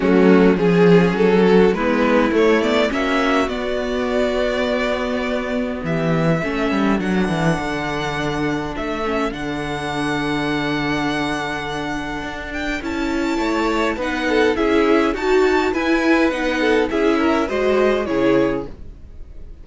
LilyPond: <<
  \new Staff \with { instrumentName = "violin" } { \time 4/4 \tempo 4 = 103 fis'4 gis'4 a'4 b'4 | cis''8 d''8 e''4 d''2~ | d''2 e''2 | fis''2. e''4 |
fis''1~ | fis''4. g''8 a''2 | fis''4 e''4 a''4 gis''4 | fis''4 e''4 dis''4 cis''4 | }
  \new Staff \with { instrumentName = "violin" } { \time 4/4 cis'4 gis'4. fis'8 e'4~ | e'4 fis'2.~ | fis'2 g'4 a'4~ | a'1~ |
a'1~ | a'2. cis''4 | b'8 a'8 gis'4 fis'4 b'4~ | b'8 a'8 gis'8 ais'8 c''4 gis'4 | }
  \new Staff \with { instrumentName = "viola" } { \time 4/4 a4 cis'2 b4 | a8 b8 cis'4 b2~ | b2. cis'4 | d'2.~ d'8 cis'8 |
d'1~ | d'2 e'2 | dis'4 e'4 fis'4 e'4 | dis'4 e'4 fis'4 e'4 | }
  \new Staff \with { instrumentName = "cello" } { \time 4/4 fis4 f4 fis4 gis4 | a4 ais4 b2~ | b2 e4 a8 g8 | fis8 e8 d2 a4 |
d1~ | d4 d'4 cis'4 a4 | b4 cis'4 dis'4 e'4 | b4 cis'4 gis4 cis4 | }
>>